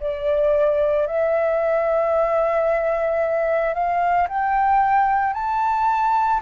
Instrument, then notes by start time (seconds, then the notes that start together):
flute
0.00 D5
1.07 E5
3.74 F5
4.29 G5
5.34 A5